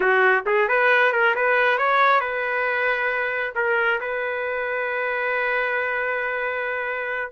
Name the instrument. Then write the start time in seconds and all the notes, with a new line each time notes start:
trumpet
0.00 F#4
0.46 G#4
0.68 B4
1.12 A#4
1.35 B4
1.78 C#5
2.20 B4
3.55 A#4
4.00 B4